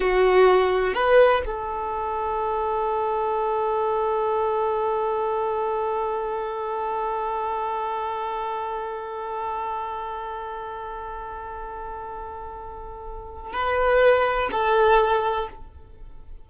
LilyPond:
\new Staff \with { instrumentName = "violin" } { \time 4/4 \tempo 4 = 124 fis'2 b'4 a'4~ | a'1~ | a'1~ | a'1~ |
a'1~ | a'1~ | a'1 | b'2 a'2 | }